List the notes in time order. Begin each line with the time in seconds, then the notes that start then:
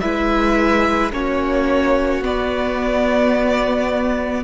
0.00 G#3 E4 B4 E5
1.12 A#3 C#4 F#4 C#5
2.21 B3 D5